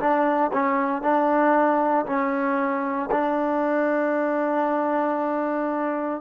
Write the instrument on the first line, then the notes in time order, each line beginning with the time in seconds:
trombone
0.00 D4
0.53 C#4
1.03 D4
2.06 C#4
3.12 D4